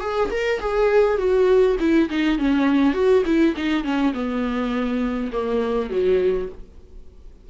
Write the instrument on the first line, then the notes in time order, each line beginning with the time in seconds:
viola
0.00 G#4
0.30 A#4
0.60 G#4
1.17 F#4
1.79 E4
2.09 D#4
2.38 C#4
2.93 F#4
3.25 E4
3.56 D#4
3.84 C#4
4.13 B3
5.32 A#3
5.90 F#3